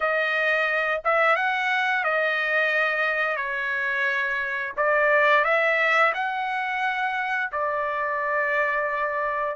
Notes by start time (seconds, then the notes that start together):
0.00 D#5
1.04 E5
1.36 F#5
2.04 D#5
3.36 C#5
4.76 D5
5.44 E5
6.14 F#5
7.52 D5